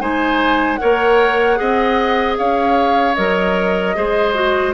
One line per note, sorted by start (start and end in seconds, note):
0.00 0.79 G#3
0.00 0.79 D#4
0.00 0.80 C5
0.00 0.76 G#5
0.76 1.56 A#4
0.76 1.59 C#5
0.76 2.34 F#5
0.83 1.60 A#3
1.56 2.39 C4
1.56 3.14 G#4
1.56 2.38 D#5
2.38 3.18 C#4
2.38 3.96 C#5
2.38 3.15 F5
3.15 3.96 F#3
3.15 3.96 A#4
3.15 4.73 D#5
3.96 4.75 G#3
3.96 4.35 G#4
3.96 4.75 C5
4.35 4.74 F#4